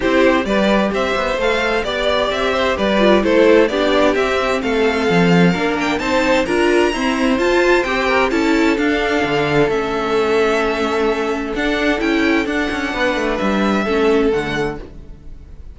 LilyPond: <<
  \new Staff \with { instrumentName = "violin" } { \time 4/4 \tempo 4 = 130 c''4 d''4 e''4 f''4 | d''4 e''4 d''4 c''4 | d''4 e''4 f''2~ | f''8 g''8 a''4 ais''2 |
a''4 g''4 a''4 f''4~ | f''4 e''2.~ | e''4 fis''4 g''4 fis''4~ | fis''4 e''2 fis''4 | }
  \new Staff \with { instrumentName = "violin" } { \time 4/4 g'4 b'4 c''2 | d''4. c''8 b'4 a'4 | g'2 a'2 | ais'4 c''4 ais'4 c''4~ |
c''4. ais'8 a'2~ | a'1~ | a'1 | b'2 a'2 | }
  \new Staff \with { instrumentName = "viola" } { \time 4/4 e'4 g'2 a'4 | g'2~ g'8 f'8 e'4 | d'4 c'2. | d'4 dis'4 f'4 c'4 |
f'4 g'4 e'4 d'4~ | d'4 cis'2.~ | cis'4 d'4 e'4 d'4~ | d'2 cis'4 a4 | }
  \new Staff \with { instrumentName = "cello" } { \time 4/4 c'4 g4 c'8 b8 a4 | b4 c'4 g4 a4 | b4 c'4 a4 f4 | ais4 c'4 d'4 e'4 |
f'4 c'4 cis'4 d'4 | d4 a2.~ | a4 d'4 cis'4 d'8 cis'8 | b8 a8 g4 a4 d4 | }
>>